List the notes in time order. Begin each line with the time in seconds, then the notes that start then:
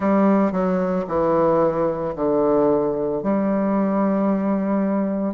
0.00 G3
0.52 F#3
1.07 E3
2.15 D3
3.22 G3